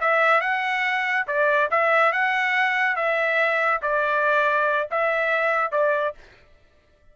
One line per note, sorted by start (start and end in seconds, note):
0.00 0.40 E5
0.40 1.26 F#5
1.27 1.69 D5
1.71 2.12 E5
2.12 2.96 F#5
2.96 3.81 E5
3.82 4.88 D5
4.90 5.71 E5
5.71 6.14 D5